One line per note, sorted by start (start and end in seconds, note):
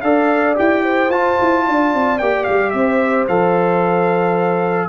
0.00 0.57 D4
0.00 0.56 A4
0.00 0.83 D5
0.00 0.54 F5
0.56 1.09 E4
0.56 1.10 G4
0.56 1.10 G5
0.83 1.64 C5
1.09 1.36 F4
1.09 2.19 F4
1.09 2.18 A5
1.41 1.68 E4
1.66 1.94 D4
1.66 2.74 D5
1.94 2.20 C4
2.18 2.47 A#3
2.18 3.28 G4
2.18 2.44 G5
2.44 2.73 G3
2.44 2.70 F5
2.70 3.27 C4
2.70 4.88 C5
2.70 3.24 E5
3.28 4.88 F3
3.28 4.88 A4
3.28 4.88 F5